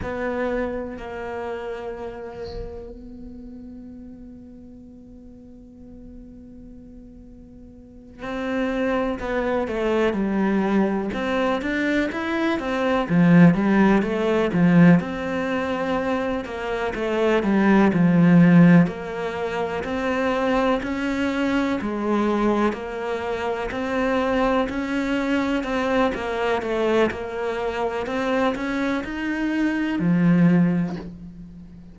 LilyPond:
\new Staff \with { instrumentName = "cello" } { \time 4/4 \tempo 4 = 62 b4 ais2 b4~ | b1~ | b8 c'4 b8 a8 g4 c'8 | d'8 e'8 c'8 f8 g8 a8 f8 c'8~ |
c'4 ais8 a8 g8 f4 ais8~ | ais8 c'4 cis'4 gis4 ais8~ | ais8 c'4 cis'4 c'8 ais8 a8 | ais4 c'8 cis'8 dis'4 f4 | }